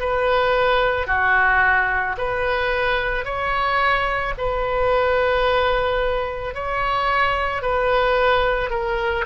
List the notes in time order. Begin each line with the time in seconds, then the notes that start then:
0.00 B4
1.07 F#4
2.18 B4
3.25 C#5
4.38 B4
6.55 C#5
7.63 B4
8.70 A#4